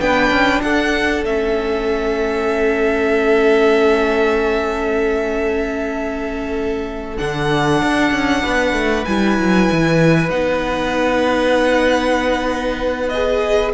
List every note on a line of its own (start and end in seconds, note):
0.00 0.31 B3
0.00 1.25 D4
0.00 0.64 B4
0.00 0.62 G5
0.31 0.62 C#4
0.62 1.24 D4
0.62 8.42 A4
0.62 1.24 F#5
1.24 7.18 A3
1.24 7.18 C#4
1.24 7.18 E5
7.18 7.82 D3
7.18 9.05 D4
7.18 9.05 F#5
7.82 8.12 D4
8.12 8.43 C#4
8.42 8.73 B3
8.42 13.73 B4
8.73 9.05 A3
9.05 9.38 G3
9.05 10.31 E4
9.05 10.30 G#5
9.38 9.70 F#3
9.72 10.30 E3
10.30 13.74 B3
10.30 13.12 D#4
10.30 13.09 F#5
13.09 13.74 G#4
13.09 13.72 D#5